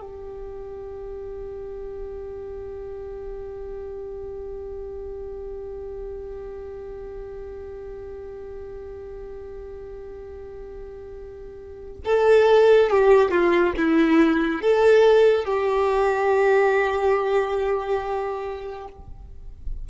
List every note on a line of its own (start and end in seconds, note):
0.00 12.00 G4
12.05 12.90 A4
12.90 13.31 G4
13.31 13.74 F4
13.77 14.61 E4
14.61 15.44 A4
15.44 18.87 G4